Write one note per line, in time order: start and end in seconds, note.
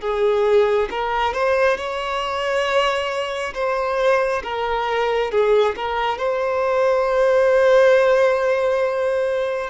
0.00 0.88 G#4
0.90 1.33 A#4
1.33 1.77 C5
1.77 3.53 C#5
3.54 4.42 C5
4.43 5.31 A#4
5.31 5.75 G#4
5.76 6.18 A#4
6.18 9.70 C5